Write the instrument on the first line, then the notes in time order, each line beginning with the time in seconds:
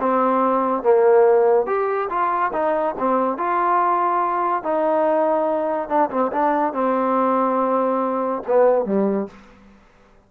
trombone
0.00 C4
0.83 A#3
1.66 G4
2.09 F4
2.53 D#4
2.98 C4
3.37 F4
4.63 D#4
5.88 D4
6.10 C4
6.32 D4
6.73 C4
8.47 B3
8.85 G3